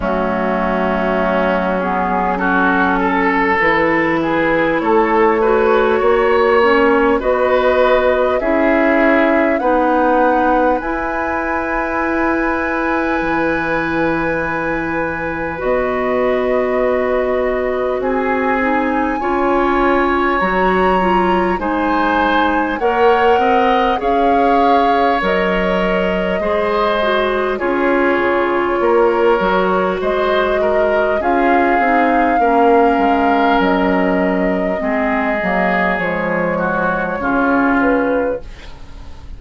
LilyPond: <<
  \new Staff \with { instrumentName = "flute" } { \time 4/4 \tempo 4 = 50 fis'4. gis'8 a'4 b'4 | cis''2 dis''4 e''4 | fis''4 gis''2.~ | gis''4 dis''2 gis''4~ |
gis''4 ais''4 gis''4 fis''4 | f''4 dis''2 cis''4~ | cis''4 dis''4 f''2 | dis''2 cis''4. b'8 | }
  \new Staff \with { instrumentName = "oboe" } { \time 4/4 cis'2 fis'8 a'4 gis'8 | a'8 b'8 cis''4 b'4 gis'4 | b'1~ | b'2. gis'4 |
cis''2 c''4 cis''8 dis''8 | cis''2 c''4 gis'4 | ais'4 c''8 ais'8 gis'4 ais'4~ | ais'4 gis'4. fis'8 f'4 | }
  \new Staff \with { instrumentName = "clarinet" } { \time 4/4 a4. b8 cis'4 e'4~ | e'8 fis'4 cis'8 fis'4 e'4 | dis'4 e'2.~ | e'4 fis'2~ fis'8 dis'8 |
f'4 fis'8 f'8 dis'4 ais'4 | gis'4 ais'4 gis'8 fis'8 f'4~ | f'8 fis'4. f'8 dis'8 cis'4~ | cis'4 c'8 ais8 gis4 cis'4 | }
  \new Staff \with { instrumentName = "bassoon" } { \time 4/4 fis2. e4 | a4 ais4 b4 cis'4 | b4 e'2 e4~ | e4 b2 c'4 |
cis'4 fis4 gis4 ais8 c'8 | cis'4 fis4 gis4 cis'8 cis8 | ais8 fis8 gis4 cis'8 c'8 ais8 gis8 | fis4 gis8 fis8 f4 cis4 | }
>>